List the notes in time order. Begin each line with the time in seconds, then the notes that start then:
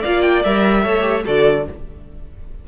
0.00 A#3 F4 D5 F5
0.22 G5
0.43 G3 A#4 E5
0.83 A3 A4 C#5
1.00 G4
1.24 D3 F#4 A4 D5